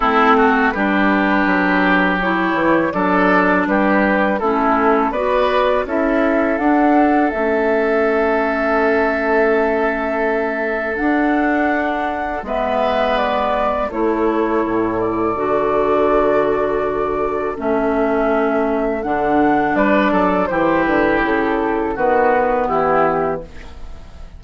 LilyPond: <<
  \new Staff \with { instrumentName = "flute" } { \time 4/4 \tempo 4 = 82 a'4 b'2 cis''4 | d''4 b'4 a'4 d''4 | e''4 fis''4 e''2~ | e''2. fis''4~ |
fis''4 e''4 d''4 cis''4~ | cis''8 d''2.~ d''8 | e''2 fis''4 d''4 | c''8 b'8 a'4 b'4 g'4 | }
  \new Staff \with { instrumentName = "oboe" } { \time 4/4 e'8 fis'8 g'2. | a'4 g'4 e'4 b'4 | a'1~ | a'1~ |
a'4 b'2 a'4~ | a'1~ | a'2. b'8 a'8 | g'2 fis'4 e'4 | }
  \new Staff \with { instrumentName = "clarinet" } { \time 4/4 c'4 d'2 e'4 | d'2 cis'4 fis'4 | e'4 d'4 cis'2~ | cis'2. d'4~ |
d'4 b2 e'4~ | e'4 fis'2. | cis'2 d'2 | e'2 b2 | }
  \new Staff \with { instrumentName = "bassoon" } { \time 4/4 a4 g4 fis4. e8 | fis4 g4 a4 b4 | cis'4 d'4 a2~ | a2. d'4~ |
d'4 gis2 a4 | a,4 d2. | a2 d4 g8 fis8 | e8 d8 cis4 dis4 e4 | }
>>